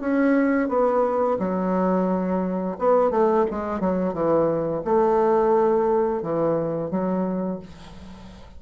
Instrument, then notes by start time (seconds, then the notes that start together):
bassoon
0.00 C#4
0.68 B3
1.39 F#3
2.78 B3
3.10 A3
3.50 G#3
3.80 F#3
4.13 E3
4.84 A3
6.22 E3
6.90 F#3